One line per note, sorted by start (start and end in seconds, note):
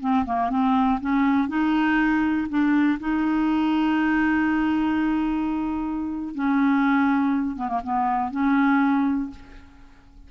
0.00 0.25 C4
0.25 0.50 A#3
0.50 0.99 C4
1.01 1.48 C#4
1.48 2.47 D#4
2.49 2.99 D4
3.00 6.34 D#4
6.35 7.56 C#4
7.56 7.68 B3
7.68 7.81 A#3
7.84 8.31 B3
8.31 9.30 C#4